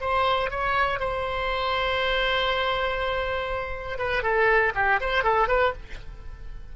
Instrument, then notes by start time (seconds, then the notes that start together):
oboe
0.00 C5
0.50 C#5
0.99 C5
3.98 B4
4.22 A4
4.75 G4
5.00 C5
5.23 A4
5.48 B4